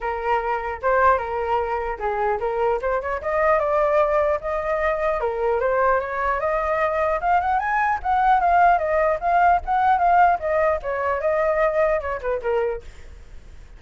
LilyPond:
\new Staff \with { instrumentName = "flute" } { \time 4/4 \tempo 4 = 150 ais'2 c''4 ais'4~ | ais'4 gis'4 ais'4 c''8 cis''8 | dis''4 d''2 dis''4~ | dis''4 ais'4 c''4 cis''4 |
dis''2 f''8 fis''8 gis''4 | fis''4 f''4 dis''4 f''4 | fis''4 f''4 dis''4 cis''4 | dis''2 cis''8 b'8 ais'4 | }